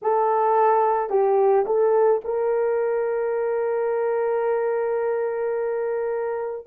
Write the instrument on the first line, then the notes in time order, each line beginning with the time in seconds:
horn
0.02 A4
1.09 G4
1.66 A4
2.24 A#4